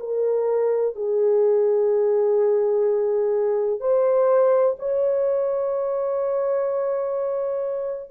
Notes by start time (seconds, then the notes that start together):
0.00 A#4
0.95 G#4
3.80 C5
4.79 C#5